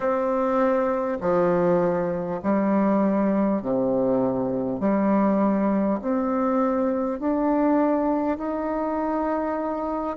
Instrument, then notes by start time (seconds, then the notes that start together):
bassoon
0.00 C4
1.21 F3
2.42 G3
3.62 C3
4.79 G3
6.01 C4
7.19 D4
8.37 D#4